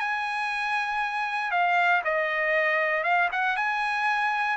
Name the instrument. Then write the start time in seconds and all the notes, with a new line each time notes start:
trumpet
0.00 G#5
1.52 F5
2.05 D#5
3.04 F5
3.32 F#5
3.57 G#5